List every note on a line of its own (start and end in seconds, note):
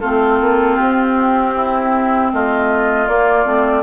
0.00 0.41 A3
0.00 3.07 C4
0.00 1.54 F4
0.00 0.76 A4
0.41 0.79 A#3
0.76 2.33 C4
0.76 2.30 G4
1.55 2.32 E4
2.32 3.07 A3
2.32 3.83 F4
2.32 3.08 D#5
3.07 3.45 A#3
3.07 3.83 D5
3.45 3.83 A3
3.45 3.83 C4